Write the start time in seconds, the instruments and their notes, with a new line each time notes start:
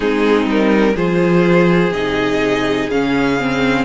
0.00 cello G#3, viola C4, violin D#4 G#4
0.46 cello G3, violin A#4
0.95 cello F3, viola F4, violin G#4 C5
1.91 cello C3, viola D#4, violin D#5
2.90 cello C#3, viola C#4, violin F5
3.39 viola C4